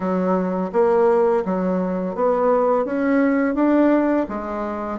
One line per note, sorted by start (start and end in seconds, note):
0.00 0.71 F#3
0.72 1.43 A#3
1.45 2.15 F#3
2.15 2.85 B3
2.85 3.55 C#4
3.55 4.26 D4
4.29 4.99 G#3